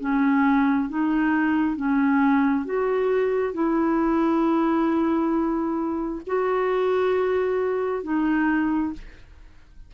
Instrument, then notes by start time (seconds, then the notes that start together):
clarinet
0.00 C#4
0.90 D#4
1.77 C#4
2.65 F#4
3.54 E4
6.27 F#4
8.04 D#4